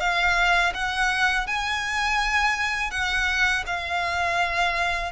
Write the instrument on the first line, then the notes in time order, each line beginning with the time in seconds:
violin
0.00 F5
0.74 F#5
1.47 G#5
2.91 F#5
3.67 F5